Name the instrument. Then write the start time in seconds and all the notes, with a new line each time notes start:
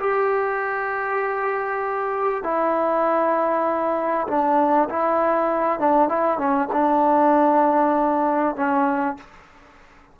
trombone
0.00 G4
2.44 E4
4.27 D4
4.90 E4
5.79 D4
6.09 E4
6.38 C#4
6.73 D4
8.56 C#4